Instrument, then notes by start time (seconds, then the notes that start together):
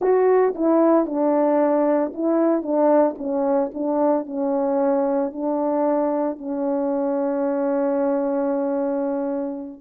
horn
0.01 F#4
0.55 E4
1.06 D4
2.14 E4
2.62 D4
3.18 C#4
3.73 D4
4.26 C#4
5.32 D4
6.37 C#4